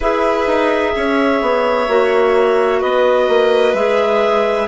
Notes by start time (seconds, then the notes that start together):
0.00 E4 G#4 B4 E5
0.46 D#4
0.95 C#4 C#5
1.41 B3
1.88 A#3 F#4
2.80 B3 B4 D#5
3.28 A#3
3.73 G#3 G#4 E5